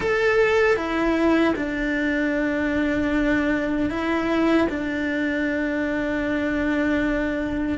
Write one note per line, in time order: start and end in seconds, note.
0.00 0.76 A4
0.76 1.54 E4
1.56 3.90 D4
3.90 4.68 E4
4.69 7.78 D4